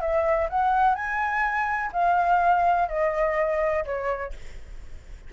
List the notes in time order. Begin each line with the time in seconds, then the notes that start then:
0.00 E5
0.49 F#5
0.95 G#5
1.92 F5
2.88 D#5
3.85 C#5